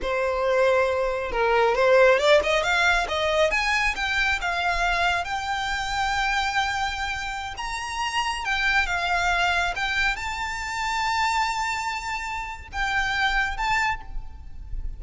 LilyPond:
\new Staff \with { instrumentName = "violin" } { \time 4/4 \tempo 4 = 137 c''2. ais'4 | c''4 d''8 dis''8 f''4 dis''4 | gis''4 g''4 f''2 | g''1~ |
g''4~ g''16 ais''2 g''8.~ | g''16 f''2 g''4 a''8.~ | a''1~ | a''4 g''2 a''4 | }